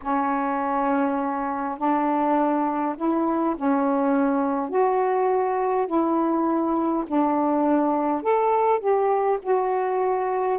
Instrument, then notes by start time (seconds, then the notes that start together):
saxophone
0.01 C#4
1.78 D4
2.97 E4
3.56 C#4
4.69 F#4
5.87 E4
7.06 D4
8.22 A4
8.79 G4
9.42 F#4